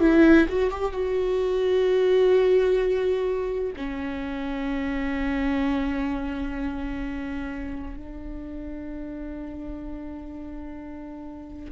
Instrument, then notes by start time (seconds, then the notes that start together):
viola
0.00 E4
0.49 F#4
0.71 G4
0.92 F#4
3.76 C#4
7.96 D4